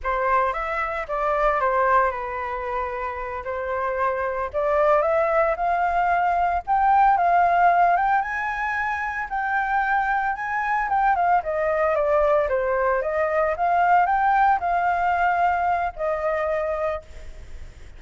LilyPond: \new Staff \with { instrumentName = "flute" } { \time 4/4 \tempo 4 = 113 c''4 e''4 d''4 c''4 | b'2~ b'8 c''4.~ | c''8 d''4 e''4 f''4.~ | f''8 g''4 f''4. g''8 gis''8~ |
gis''4. g''2 gis''8~ | gis''8 g''8 f''8 dis''4 d''4 c''8~ | c''8 dis''4 f''4 g''4 f''8~ | f''2 dis''2 | }